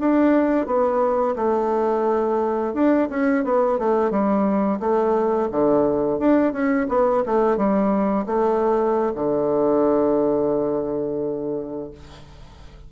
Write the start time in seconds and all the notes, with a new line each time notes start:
0.00 D4
0.66 B3
1.36 A3
2.74 D4
3.10 C#4
3.45 B3
3.79 A3
4.11 G3
4.80 A3
5.52 D3
6.19 D4
6.53 C#4
6.89 B3
7.26 A3
7.57 G3
8.27 A3
9.16 D3